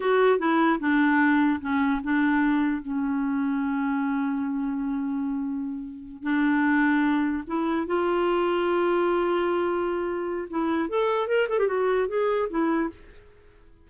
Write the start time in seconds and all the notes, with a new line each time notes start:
0.00 F#4
0.39 E4
0.79 D4
1.61 C#4
2.03 D4
2.82 C#4
6.22 D4
7.47 E4
7.86 F4
10.50 E4
10.89 A4
11.27 A#4
11.48 A4
11.58 G4
11.67 F#4
12.08 G#4
12.49 E4